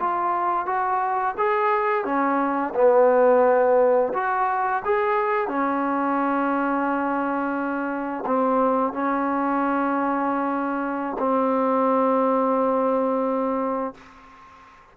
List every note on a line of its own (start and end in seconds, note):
0.00 0.66 F4
0.66 1.35 F#4
1.38 2.05 G#4
2.05 2.74 C#4
2.75 4.13 B3
4.14 4.83 F#4
4.85 5.49 G#4
5.49 8.24 C#4
8.26 8.93 C4
8.93 11.17 C#4
11.19 13.95 C4